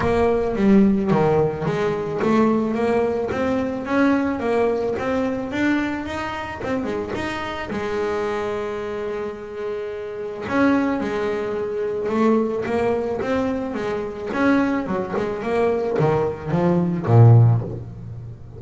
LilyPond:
\new Staff \with { instrumentName = "double bass" } { \time 4/4 \tempo 4 = 109 ais4 g4 dis4 gis4 | a4 ais4 c'4 cis'4 | ais4 c'4 d'4 dis'4 | c'8 gis8 dis'4 gis2~ |
gis2. cis'4 | gis2 a4 ais4 | c'4 gis4 cis'4 fis8 gis8 | ais4 dis4 f4 ais,4 | }